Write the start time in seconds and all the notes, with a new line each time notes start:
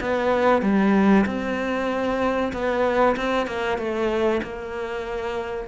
0.00 B3
0.61 G3
1.26 C4
2.53 B3
3.16 C4
3.46 A#3
3.78 A3
4.42 A#3